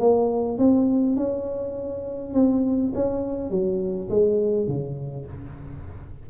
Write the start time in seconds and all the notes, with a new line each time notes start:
0.00 A#3
0.58 C4
1.16 C#4
2.34 C4
2.94 C#4
3.50 F#3
4.10 G#3
4.67 C#3